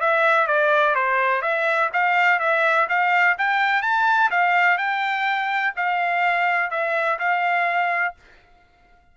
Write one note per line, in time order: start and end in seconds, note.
0.00 0.47 E5
0.47 0.95 D5
0.95 1.42 C5
1.42 1.90 E5
1.93 2.39 F5
2.39 2.87 E5
2.89 3.37 F5
3.38 3.82 G5
3.82 4.30 A5
4.30 4.78 F5
4.78 5.74 G5
5.76 6.70 F5
6.70 7.18 E5
7.19 8.15 F5